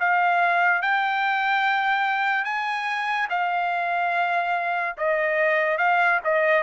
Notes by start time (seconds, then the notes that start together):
0.00 F5
0.82 G5
2.45 G#5
3.30 F5
4.98 D#5
5.78 F5
6.25 D#5